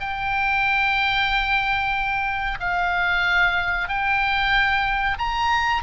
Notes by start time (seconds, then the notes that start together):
0.00 G5
2.60 F5
3.89 G5
5.18 A#5